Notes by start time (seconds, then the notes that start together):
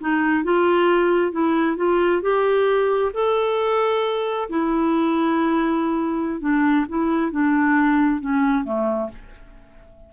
0.00 D#4
0.43 F4
1.32 E4
1.76 F4
2.21 G4
3.13 A4
4.49 E4
6.40 D4
6.88 E4
7.31 D4
8.20 C#4
8.64 A3